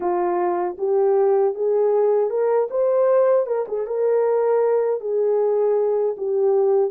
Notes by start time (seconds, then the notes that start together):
0.00 F4
0.78 G4
1.54 G#4
2.30 A#4
2.70 C5
3.46 A#4
3.67 G#4
3.86 A#4
5.00 G#4
6.17 G4